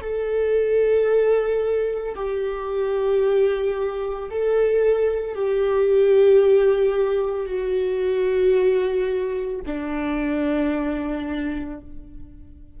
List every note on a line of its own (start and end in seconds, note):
0.00 2.14 A4
2.15 4.29 G4
4.30 5.34 A4
5.34 7.46 G4
7.46 9.60 F#4
9.66 11.80 D4